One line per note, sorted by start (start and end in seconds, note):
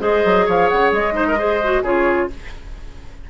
0.00 0.24 G#3
0.00 1.12 G#4
0.00 0.46 C5
0.00 0.48 D#5
0.25 0.48 F#3
0.46 0.71 F3
0.46 1.14 C#5
0.46 0.69 F5
0.69 0.92 C#3
0.69 0.92 F#5
0.92 1.83 G#3
0.92 1.84 D#5
1.12 1.35 D#4
1.12 1.27 C5
1.28 1.39 A#4
1.38 1.61 G#4
1.38 1.83 C5
1.64 1.85 F#4
1.83 2.29 C#3
1.83 2.30 F4
1.83 2.29 G#4
1.83 2.30 C#5